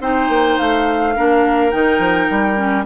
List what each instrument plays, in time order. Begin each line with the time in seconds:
0.00 bassoon C4, clarinet D#4, oboe C5, flute G5
0.29 bassoon A#3
0.58 bassoon A3, flute F5
1.15 bassoon A#3, clarinet D4, oboe A#4
1.71 bassoon D#3, clarinet D#4, flute G5
1.98 bassoon F3
2.30 bassoon G3
2.56 clarinet C#4